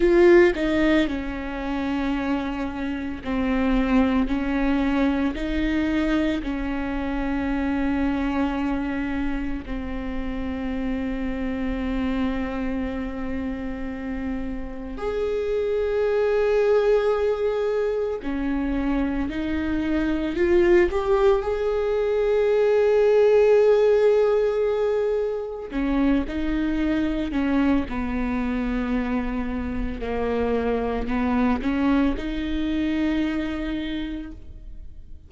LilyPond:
\new Staff \with { instrumentName = "viola" } { \time 4/4 \tempo 4 = 56 f'8 dis'8 cis'2 c'4 | cis'4 dis'4 cis'2~ | cis'4 c'2.~ | c'2 gis'2~ |
gis'4 cis'4 dis'4 f'8 g'8 | gis'1 | cis'8 dis'4 cis'8 b2 | ais4 b8 cis'8 dis'2 | }